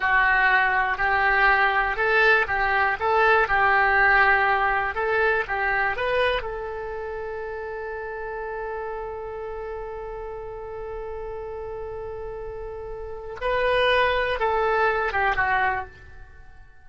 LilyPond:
\new Staff \with { instrumentName = "oboe" } { \time 4/4 \tempo 4 = 121 fis'2 g'2 | a'4 g'4 a'4 g'4~ | g'2 a'4 g'4 | b'4 a'2.~ |
a'1~ | a'1~ | a'2. b'4~ | b'4 a'4. g'8 fis'4 | }